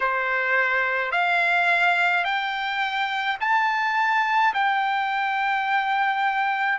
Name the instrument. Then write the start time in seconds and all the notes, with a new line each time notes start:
trumpet
0.00 C5
1.11 F5
2.24 G5
3.40 A5
4.53 G5